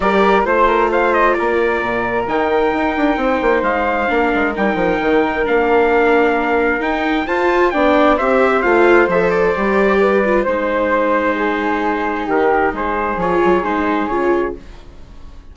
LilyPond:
<<
  \new Staff \with { instrumentName = "trumpet" } { \time 4/4 \tempo 4 = 132 d''4 c''4 f''8 dis''8 d''4~ | d''4 g''2. | f''2 g''2 | f''2. g''4 |
a''4 g''4 e''4 f''4 | e''8 d''2~ d''8 c''4~ | c''2. ais'4 | c''4 cis''4 c''4 cis''4 | }
  \new Staff \with { instrumentName = "flute" } { \time 4/4 ais'4 c''8 ais'8 c''4 ais'4~ | ais'2. c''4~ | c''4 ais'2.~ | ais'1 |
c''4 d''4 c''2~ | c''2 b'4 c''4~ | c''4 gis'2 g'4 | gis'1 | }
  \new Staff \with { instrumentName = "viola" } { \time 4/4 g'4 f'2.~ | f'4 dis'2.~ | dis'4 d'4 dis'2 | d'2. dis'4 |
f'4 d'4 g'4 f'4 | a'4 g'4. f'8 dis'4~ | dis'1~ | dis'4 f'4 dis'4 f'4 | }
  \new Staff \with { instrumentName = "bassoon" } { \time 4/4 g4 a2 ais4 | ais,4 dis4 dis'8 d'8 c'8 ais8 | gis4 ais8 gis8 g8 f8 dis4 | ais2. dis'4 |
f'4 b4 c'4 a4 | f4 g2 gis4~ | gis2. dis4 | gis4 f8 fis8 gis4 cis4 | }
>>